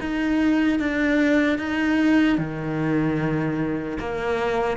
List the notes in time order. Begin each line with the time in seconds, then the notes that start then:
0.00 D#4
0.79 D4
1.58 D#4
2.38 D#3
3.99 A#3